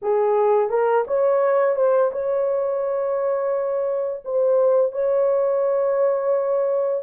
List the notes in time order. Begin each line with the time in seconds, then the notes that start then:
0.02 G#4
0.69 A#4
1.07 C#5
1.76 C5
2.12 C#5
4.24 C5
4.92 C#5